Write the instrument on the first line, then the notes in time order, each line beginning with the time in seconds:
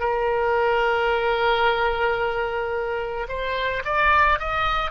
oboe
0.00 A#4
3.29 C5
3.85 D5
4.39 D#5